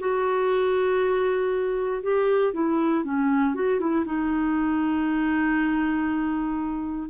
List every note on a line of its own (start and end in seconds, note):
0.00 2.03 F#4
2.03 2.54 G4
2.54 3.05 E4
3.05 3.55 C#4
3.55 3.80 F#4
3.80 4.05 E4
4.06 7.10 D#4